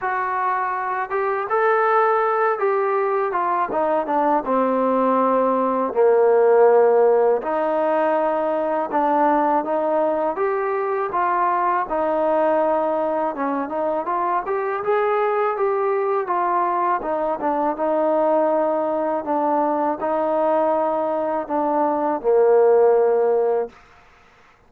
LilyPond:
\new Staff \with { instrumentName = "trombone" } { \time 4/4 \tempo 4 = 81 fis'4. g'8 a'4. g'8~ | g'8 f'8 dis'8 d'8 c'2 | ais2 dis'2 | d'4 dis'4 g'4 f'4 |
dis'2 cis'8 dis'8 f'8 g'8 | gis'4 g'4 f'4 dis'8 d'8 | dis'2 d'4 dis'4~ | dis'4 d'4 ais2 | }